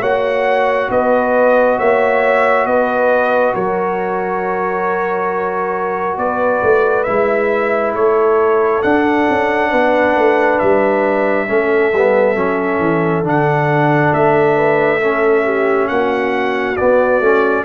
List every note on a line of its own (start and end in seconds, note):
0.00 0.89 A#3
0.00 7.06 F#4
0.00 0.88 C#5
0.00 0.90 F#5
0.90 1.78 B3
0.90 1.78 B4
0.90 1.78 D#5
1.78 2.66 A#3
1.78 2.66 C#5
1.78 2.66 E5
2.66 3.54 B3
2.66 3.54 B4
2.66 3.54 D#5
3.54 6.17 F#3
3.54 6.19 A#4
3.54 6.18 C#5
6.17 6.61 B3
6.17 7.97 B4
6.17 7.03 D5
6.62 7.06 A3
7.03 7.93 G#3
7.03 8.83 E4
7.03 7.91 E5
7.93 8.82 A3
7.93 9.70 A4
7.93 8.82 C#5
8.82 11.47 D4
8.82 9.28 D4
8.82 10.58 F#5
9.29 9.72 C#4
9.70 10.16 B3
9.70 11.47 B4
10.16 10.60 A3
10.59 11.49 G3
10.59 13.23 E5
11.47 11.93 A3
11.47 11.92 C#4
11.47 14.55 A4
11.93 12.36 G3
11.93 12.35 B3
12.35 12.79 F#3
12.35 13.23 C#4
12.79 13.23 E3
13.23 14.11 D3
13.23 15.00 D4
13.23 14.13 F#5
14.13 15.89 A3
14.13 15.88 E5
14.55 14.99 B4
15.00 16.76 C#4
15.00 15.44 A4
15.44 15.88 G4
15.88 16.77 A#3
15.88 17.65 F#4
15.88 16.76 F#5
16.76 17.22 B3
16.76 17.20 B3
16.76 17.64 D5
17.20 17.64 A3
17.20 17.65 C#4